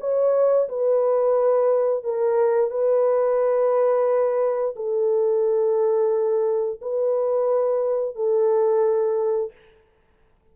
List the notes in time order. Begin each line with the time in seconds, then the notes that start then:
0.00 C#5
0.68 B4
2.04 A#4
2.70 B4
4.76 A4
6.81 B4
8.15 A4